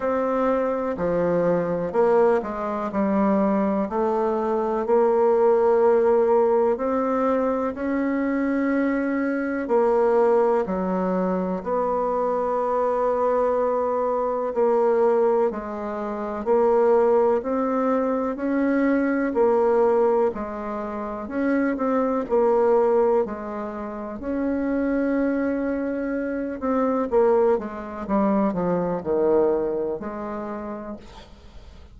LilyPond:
\new Staff \with { instrumentName = "bassoon" } { \time 4/4 \tempo 4 = 62 c'4 f4 ais8 gis8 g4 | a4 ais2 c'4 | cis'2 ais4 fis4 | b2. ais4 |
gis4 ais4 c'4 cis'4 | ais4 gis4 cis'8 c'8 ais4 | gis4 cis'2~ cis'8 c'8 | ais8 gis8 g8 f8 dis4 gis4 | }